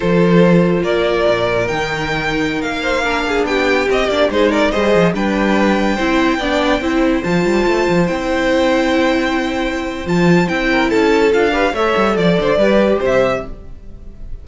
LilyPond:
<<
  \new Staff \with { instrumentName = "violin" } { \time 4/4 \tempo 4 = 143 c''2 d''2 | g''2~ g''16 f''4.~ f''16~ | f''16 g''4 dis''8 d''8 c''8 d''8 dis''8.~ | dis''16 g''2.~ g''8.~ |
g''4~ g''16 a''2 g''8.~ | g''1 | a''4 g''4 a''4 f''4 | e''4 d''2 e''4 | }
  \new Staff \with { instrumentName = "violin" } { \time 4/4 a'2 ais'2~ | ais'2~ ais'8. c''8 ais'8 gis'16~ | gis'16 g'2 gis'8 ais'8 c''8.~ | c''16 b'2 c''4 d''8.~ |
d''16 c''2.~ c''8.~ | c''1~ | c''4. ais'8 a'4. b'8 | cis''4 d''8 c''8 b'4 c''4 | }
  \new Staff \with { instrumentName = "viola" } { \time 4/4 f'1 | dis'2.~ dis'16 d'8.~ | d'4~ d'16 c'8 d'8 dis'4 gis'8.~ | gis'16 d'2 e'4 d'8.~ |
d'16 e'4 f'2 e'8.~ | e'1 | f'4 e'2 f'8 g'8 | a'2 g'2 | }
  \new Staff \with { instrumentName = "cello" } { \time 4/4 f2 ais4 ais,4 | dis2~ dis16 ais4.~ ais16~ | ais16 b4 c'8 ais8 gis4 g8 f16~ | f16 g2 c'4 b8.~ |
b16 c'4 f8 g8 a8 f8 c'8.~ | c'1 | f4 c'4 cis'4 d'4 | a8 g8 f8 d8 g4 c4 | }
>>